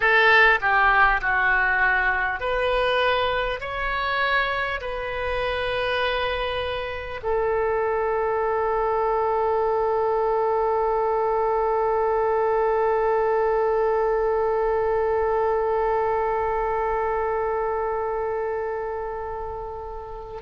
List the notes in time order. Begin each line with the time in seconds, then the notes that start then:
0.00 A4
0.60 G4
1.21 F#4
2.40 B4
3.60 C#5
4.81 B4
7.23 A4